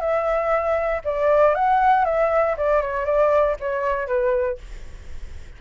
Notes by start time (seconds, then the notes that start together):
0.00 E5
1.04 D5
1.55 F#5
2.05 E5
2.57 D5
2.82 C#5
3.06 D5
3.60 C#5
4.07 B4